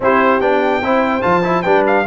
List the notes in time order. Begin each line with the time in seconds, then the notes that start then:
0.00 C4 E4 G4 C5
0.40 B3 D4 G5
0.81 C4 E4 C5
1.21 F3 F4 A5
1.43 E4
1.62 G3 D4 B4 G5
1.86 F5